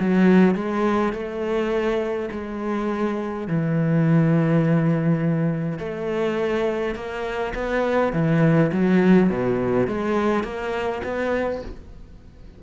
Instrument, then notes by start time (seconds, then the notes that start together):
cello
0.00 F#3
0.55 G#3
1.13 A3
2.31 G#3
3.47 E3
5.79 A3
6.95 A#3
7.54 B3
8.13 E3
8.72 F#3
9.29 B2
9.87 G#3
10.44 A#3
11.04 B3